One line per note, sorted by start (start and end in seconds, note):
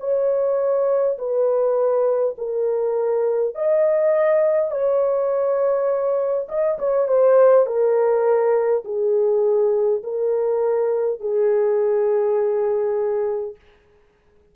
0.00 1.18 C#5
1.18 2.36 B4
2.37 3.55 A#4
3.55 4.71 D#5
4.71 6.48 C#5
6.49 6.78 D#5
6.79 7.07 C#5
7.07 7.66 C5
7.66 8.83 A#4
8.84 10.02 G#4
10.03 11.20 A#4
11.20 13.56 G#4